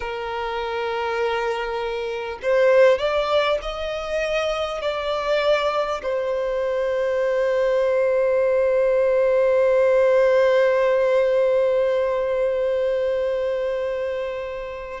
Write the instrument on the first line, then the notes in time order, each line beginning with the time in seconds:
violin
0.00 A#4
2.42 C5
2.98 D5
3.62 D#5
4.81 D5
6.02 C5